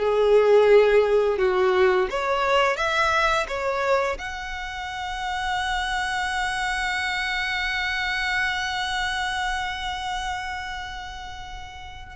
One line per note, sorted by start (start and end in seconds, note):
0.00 1.39 G#4
1.39 2.08 F#4
2.11 2.77 C#5
2.77 3.47 E5
3.48 4.18 C#5
4.19 12.16 F#5